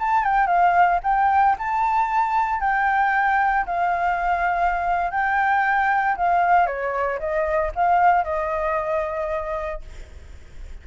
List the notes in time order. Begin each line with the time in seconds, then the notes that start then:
0.00 A5
0.24 G5
0.47 F5
1.04 G5
1.59 A5
2.61 G5
3.67 F5
5.11 G5
6.17 F5
6.67 C#5
7.19 D#5
7.76 F5
8.24 D#5